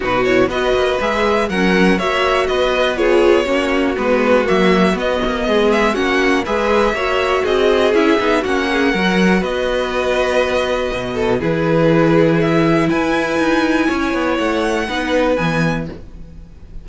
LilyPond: <<
  \new Staff \with { instrumentName = "violin" } { \time 4/4 \tempo 4 = 121 b'8 cis''8 dis''4 e''4 fis''4 | e''4 dis''4 cis''2 | b'4 e''4 dis''4. e''8 | fis''4 e''2 dis''4 |
e''4 fis''2 dis''4~ | dis''2. b'4~ | b'4 e''4 gis''2~ | gis''4 fis''2 gis''4 | }
  \new Staff \with { instrumentName = "violin" } { \time 4/4 fis'4 b'2 ais'4 | cis''4 b'4 gis'4 fis'4~ | fis'2. gis'4 | fis'4 b'4 cis''4 gis'4~ |
gis'4 fis'8 gis'8 ais'4 b'4~ | b'2~ b'8 a'8 gis'4~ | gis'2 b'2 | cis''2 b'2 | }
  \new Staff \with { instrumentName = "viola" } { \time 4/4 dis'8 e'8 fis'4 gis'4 cis'4 | fis'2 f'4 cis'4 | b4 ais4 b2 | cis'4 gis'4 fis'2 |
e'8 dis'8 cis'4 fis'2~ | fis'2. e'4~ | e'1~ | e'2 dis'4 b4 | }
  \new Staff \with { instrumentName = "cello" } { \time 4/4 b,4 b8 ais8 gis4 fis4 | ais4 b2 ais4 | gis4 fis4 b8 ais8 gis4 | ais4 gis4 ais4 c'4 |
cis'8 b8 ais4 fis4 b4~ | b2 b,4 e4~ | e2 e'4 dis'4 | cis'8 b8 a4 b4 e4 | }
>>